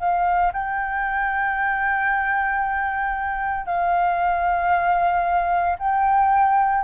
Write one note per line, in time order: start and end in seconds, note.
0.00 0.53 F5
0.53 3.67 G5
3.67 5.77 F5
5.79 6.85 G5